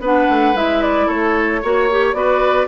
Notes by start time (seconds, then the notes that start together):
0.00 B3 D4 B4 F#5
0.30 A3
0.54 G#3 E4 E5
0.83 D5
1.07 A3 A4 C#5
1.63 A#3 F#4 C#5
1.91 G4
2.14 B3 F#4 B4 D5